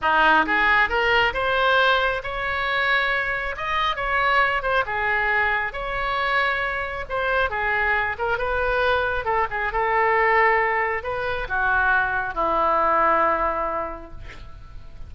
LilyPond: \new Staff \with { instrumentName = "oboe" } { \time 4/4 \tempo 4 = 136 dis'4 gis'4 ais'4 c''4~ | c''4 cis''2. | dis''4 cis''4. c''8 gis'4~ | gis'4 cis''2. |
c''4 gis'4. ais'8 b'4~ | b'4 a'8 gis'8 a'2~ | a'4 b'4 fis'2 | e'1 | }